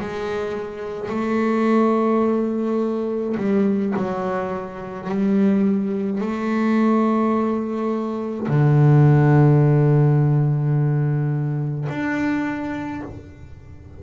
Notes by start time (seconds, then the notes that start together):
0.00 G#3
1.09 A3
3.37 G3
3.96 F#3
5.09 G3
6.21 A3
8.48 D3
11.89 D4